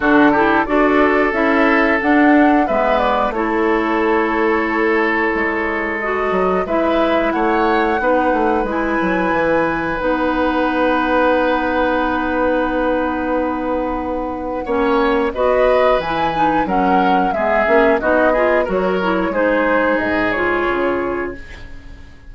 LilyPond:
<<
  \new Staff \with { instrumentName = "flute" } { \time 4/4 \tempo 4 = 90 a'4 d''4 e''4 fis''4 | e''8 d''8 cis''2.~ | cis''4 dis''4 e''4 fis''4~ | fis''4 gis''2 fis''4~ |
fis''1~ | fis''2. dis''4 | gis''4 fis''4 e''4 dis''4 | cis''4 c''4 dis''8 cis''4. | }
  \new Staff \with { instrumentName = "oboe" } { \time 4/4 fis'8 g'8 a'2. | b'4 a'2.~ | a'2 b'4 cis''4 | b'1~ |
b'1~ | b'2 cis''4 b'4~ | b'4 ais'4 gis'4 fis'8 gis'8 | ais'4 gis'2. | }
  \new Staff \with { instrumentName = "clarinet" } { \time 4/4 d'8 e'8 fis'4 e'4 d'4 | b4 e'2.~ | e'4 fis'4 e'2 | dis'4 e'2 dis'4~ |
dis'1~ | dis'2 cis'4 fis'4 | e'8 dis'8 cis'4 b8 cis'8 dis'8 f'8 | fis'8 e'8 dis'4. f'4. | }
  \new Staff \with { instrumentName = "bassoon" } { \time 4/4 d4 d'4 cis'4 d'4 | gis4 a2. | gis4. fis8 gis4 a4 | b8 a8 gis8 fis8 e4 b4~ |
b1~ | b2 ais4 b4 | e4 fis4 gis8 ais8 b4 | fis4 gis4 gis,4 cis4 | }
>>